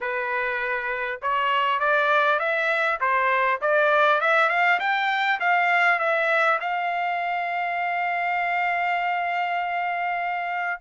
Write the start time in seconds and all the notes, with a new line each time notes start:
0.00 B4
1.22 C#5
1.79 D5
2.39 E5
3.00 C5
3.61 D5
4.20 E5
4.49 F5
4.79 G5
5.40 F5
5.99 E5
6.60 F5